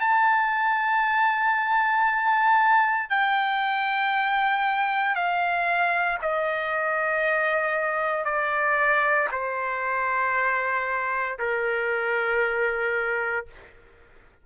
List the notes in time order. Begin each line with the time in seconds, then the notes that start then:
0.00 A5
3.10 G5
5.15 F5
6.22 D#5
8.25 D5
9.32 C5
11.39 A#4